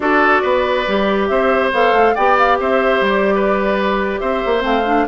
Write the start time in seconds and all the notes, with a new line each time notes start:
0.00 D4 F#4 A4 D5
0.42 B3 B4
0.87 G3 G4
1.27 C4 C5 E5
1.72 B3 A4 F5
1.93 A3
2.14 B3 G4 D5 G5
2.37 F5
2.59 C4 C5 E5
3.00 G3 D5
3.35 B4
4.20 C4 C5 E5
4.45 A#3
4.60 A3 C4 F5
4.85 D4